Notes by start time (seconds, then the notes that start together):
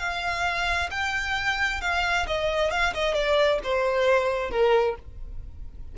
0.00 F5
0.91 G5
1.81 F5
2.27 D#5
2.71 F5
2.94 D#5
3.15 D5
3.64 C5
4.51 A#4